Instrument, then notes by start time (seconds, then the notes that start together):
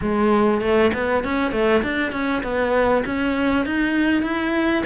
cello
0.01 G#3
0.61 A3
0.93 B3
1.24 C#4
1.51 A3
1.83 D4
2.12 C#4
2.43 B3
3.05 C#4
3.65 D#4
4.22 E4